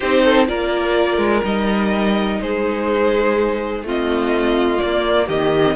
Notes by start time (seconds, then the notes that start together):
0.00 C4 D#4 G4 C5
0.24 A4
0.47 A#3 F4 A#4 D5
1.17 G#3
1.43 G3 D#4 D#5
2.41 G#3 G#4 C5
3.83 A3 C4 F4 D#5
4.77 A#3 D5
5.27 D#3 G4 D#5
5.64 C4